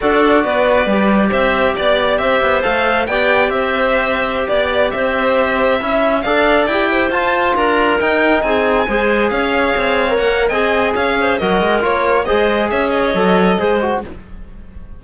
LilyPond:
<<
  \new Staff \with { instrumentName = "violin" } { \time 4/4 \tempo 4 = 137 d''2. e''4 | d''4 e''4 f''4 g''4 | e''2~ e''16 d''4 e''8.~ | e''2~ e''16 f''4 g''8.~ |
g''16 a''4 ais''4 g''4 gis''8.~ | gis''4~ gis''16 f''2 fis''8. | gis''4 f''4 dis''4 cis''4 | dis''4 e''8 dis''2~ dis''8 | }
  \new Staff \with { instrumentName = "clarinet" } { \time 4/4 a'4 b'2 c''4 | d''4 c''2 d''4 | c''2~ c''16 d''4 c''8.~ | c''4~ c''16 e''4 d''4. c''16~ |
c''4~ c''16 ais'2 gis'8.~ | gis'16 c''4 cis''2~ cis''8. | dis''4 cis''8 c''8 ais'2 | c''4 cis''2 c''4 | }
  \new Staff \with { instrumentName = "trombone" } { \time 4/4 fis'2 g'2~ | g'2 a'4 g'4~ | g'1~ | g'4~ g'16 e'4 a'4 g'8.~ |
g'16 f'2 dis'4.~ dis'16~ | dis'16 gis'2~ gis'8. ais'4 | gis'2 fis'4 f'4 | gis'2 a'4 gis'8 fis'8 | }
  \new Staff \with { instrumentName = "cello" } { \time 4/4 d'4 b4 g4 c'4 | b4 c'8 b8 a4 b4 | c'2~ c'16 b4 c'8.~ | c'4~ c'16 cis'4 d'4 e'8.~ |
e'16 f'4 d'4 dis'4 c'8.~ | c'16 gis4 cis'4 c'4 ais8. | c'4 cis'4 fis8 gis8 ais4 | gis4 cis'4 fis4 gis4 | }
>>